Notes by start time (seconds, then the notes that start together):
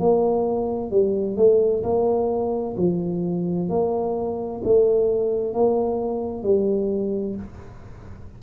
0.00 A#3
0.91 G3
1.37 A3
1.83 A#3
2.77 F3
3.70 A#3
4.64 A3
5.54 A#3
6.44 G3